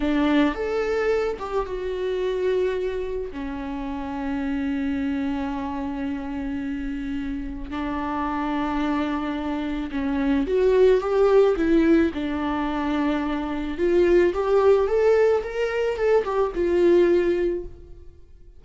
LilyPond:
\new Staff \with { instrumentName = "viola" } { \time 4/4 \tempo 4 = 109 d'4 a'4. g'8 fis'4~ | fis'2 cis'2~ | cis'1~ | cis'2 d'2~ |
d'2 cis'4 fis'4 | g'4 e'4 d'2~ | d'4 f'4 g'4 a'4 | ais'4 a'8 g'8 f'2 | }